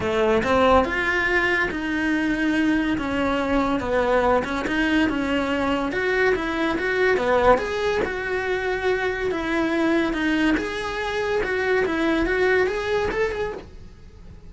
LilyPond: \new Staff \with { instrumentName = "cello" } { \time 4/4 \tempo 4 = 142 a4 c'4 f'2 | dis'2. cis'4~ | cis'4 b4. cis'8 dis'4 | cis'2 fis'4 e'4 |
fis'4 b4 gis'4 fis'4~ | fis'2 e'2 | dis'4 gis'2 fis'4 | e'4 fis'4 gis'4 a'8 gis'8 | }